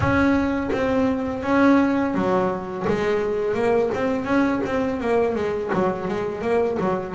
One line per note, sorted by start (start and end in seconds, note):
0.00 0.69 C#4
0.72 1.43 C4
1.43 2.14 C#4
2.14 2.85 F#3
2.87 3.54 G#3
3.54 3.90 A#3
3.94 4.25 C4
4.25 4.60 C#4
4.65 5.00 C4
5.00 5.35 A#3
5.35 5.70 G#3
5.73 6.07 F#3
6.07 6.41 G#3
6.41 6.77 A#3
6.79 7.14 F#3